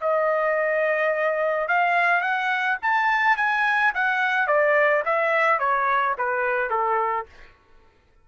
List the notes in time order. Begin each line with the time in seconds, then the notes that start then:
0.00 D#5
1.68 F5
2.21 F#5
2.82 A5
3.37 G#5
3.94 F#5
4.47 D5
5.05 E5
5.59 C#5
6.18 B4
6.70 A4